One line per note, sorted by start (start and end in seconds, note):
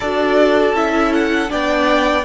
0.00 0.73 D4
0.00 0.75 F#4
0.00 1.50 A4
0.00 0.74 D5
0.73 1.48 C#4
0.73 1.48 E4
0.73 1.13 E5
1.13 1.51 F#5
1.48 2.24 B3
1.48 2.23 D4
1.48 2.24 D5
1.48 2.24 G5